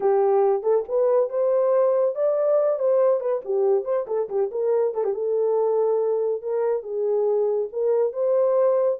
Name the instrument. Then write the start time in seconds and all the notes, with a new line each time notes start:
horn
0.00 G4
0.63 A4
0.88 B4
1.29 C5
2.15 D5
2.79 C5
3.20 B4
3.44 G4
3.84 C5
4.07 A4
4.29 G4
4.51 A#4
4.94 A4
5.04 G4
5.14 A4
6.41 A#4
6.82 G#4
7.72 A#4
8.13 C5